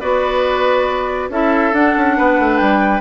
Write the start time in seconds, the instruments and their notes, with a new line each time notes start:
0.00 bassoon B3, clarinet F#4, oboe B4, flute D5
1.29 bassoon C#4, clarinet E4, oboe A4, flute E5
1.72 bassoon D4, clarinet D4, flute F#5
1.97 bassoon C#4
2.17 bassoon B3, oboe B4
2.39 bassoon A3
2.58 bassoon G3, flute G5